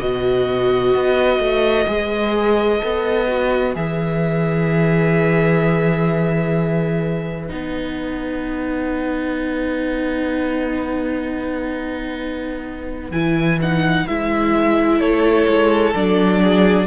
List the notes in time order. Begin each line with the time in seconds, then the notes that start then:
0.00 B2 F#4 B4 D#5
0.95 B3
1.39 A3
1.88 G#3 G#4
2.80 B3 A4
3.28 F#4
3.74 E3 G#4 E5
7.48 B3 D#4 F#5
13.11 E3 E4 G#5
13.62 D#4 F#5
14.07 G#3 E4 E5
15.00 A3 A4 C#5
15.47 G#3
15.95 F#3 D4 D5
16.42 G#4